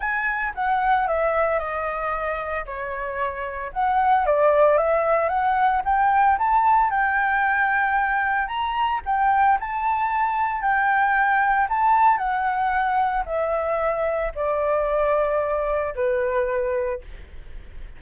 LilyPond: \new Staff \with { instrumentName = "flute" } { \time 4/4 \tempo 4 = 113 gis''4 fis''4 e''4 dis''4~ | dis''4 cis''2 fis''4 | d''4 e''4 fis''4 g''4 | a''4 g''2. |
ais''4 g''4 a''2 | g''2 a''4 fis''4~ | fis''4 e''2 d''4~ | d''2 b'2 | }